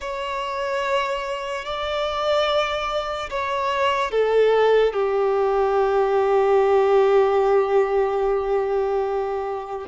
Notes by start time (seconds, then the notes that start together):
0.00 C#5
1.65 D5
3.30 C#5
4.11 A4
4.93 G4